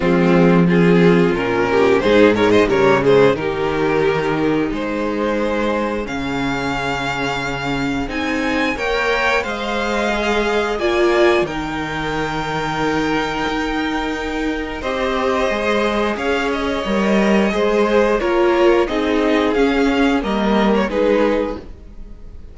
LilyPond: <<
  \new Staff \with { instrumentName = "violin" } { \time 4/4 \tempo 4 = 89 f'4 gis'4 ais'4 c''8 cis''16 dis''16 | cis''8 c''8 ais'2 c''4~ | c''4 f''2. | gis''4 g''4 f''2 |
gis''4 g''2.~ | g''2 dis''2 | f''8 dis''2~ dis''8 cis''4 | dis''4 f''4 dis''8. cis''16 b'4 | }
  \new Staff \with { instrumentName = "violin" } { \time 4/4 c'4 f'4. g'8 gis'8 ais'16 c''16 | ais'8 gis'8 g'2 gis'4~ | gis'1~ | gis'4 cis''4 dis''2 |
d''4 ais'2.~ | ais'2 c''2 | cis''2 c''4 ais'4 | gis'2 ais'4 gis'4 | }
  \new Staff \with { instrumentName = "viola" } { \time 4/4 gis4 c'4 cis'4 dis'8 gis8 | g8 gis8 dis'2.~ | dis'4 cis'2. | dis'4 ais'4 c''4 gis'4 |
f'4 dis'2.~ | dis'2 g'4 gis'4~ | gis'4 ais'4 gis'4 f'4 | dis'4 cis'4 ais4 dis'4 | }
  \new Staff \with { instrumentName = "cello" } { \time 4/4 f2 ais,4 gis,4 | cis4 dis2 gis4~ | gis4 cis2. | c'4 ais4 gis2 |
ais4 dis2. | dis'2 c'4 gis4 | cis'4 g4 gis4 ais4 | c'4 cis'4 g4 gis4 | }
>>